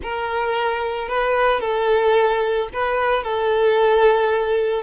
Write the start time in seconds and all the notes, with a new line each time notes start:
0.02 A#4
1.08 B4
1.60 A4
2.73 B4
3.23 A4